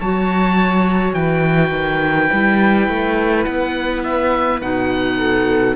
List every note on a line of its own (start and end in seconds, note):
0.00 1.13 F#3
0.00 2.30 F#4
0.00 1.15 C#5
0.00 1.14 A5
1.13 1.71 E3
1.13 5.18 B4
1.13 3.44 G5
1.71 2.28 D#3
2.30 2.88 G3
2.30 4.61 E4
2.88 3.46 A3
3.44 4.61 B3
3.44 4.02 F#5
4.03 4.60 E5
4.61 5.76 B2
4.61 5.76 D#4
4.61 5.76 F#5
5.18 5.75 A4